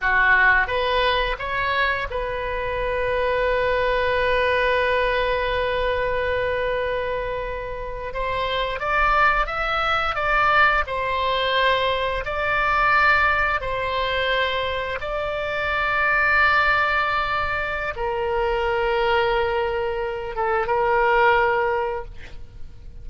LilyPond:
\new Staff \with { instrumentName = "oboe" } { \time 4/4 \tempo 4 = 87 fis'4 b'4 cis''4 b'4~ | b'1~ | b'2.~ b'8. c''16~ | c''8. d''4 e''4 d''4 c''16~ |
c''4.~ c''16 d''2 c''16~ | c''4.~ c''16 d''2~ d''16~ | d''2 ais'2~ | ais'4. a'8 ais'2 | }